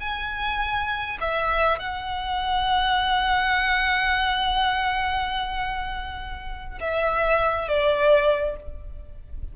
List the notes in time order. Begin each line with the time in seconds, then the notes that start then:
0.00 G#5
1.21 E5
1.79 F#5
6.80 E5
7.68 D5